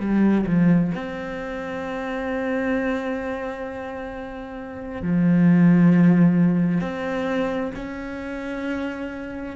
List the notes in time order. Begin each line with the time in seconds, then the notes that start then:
0.00 G3
0.46 F3
0.95 C4
5.02 F3
6.81 C4
7.75 C#4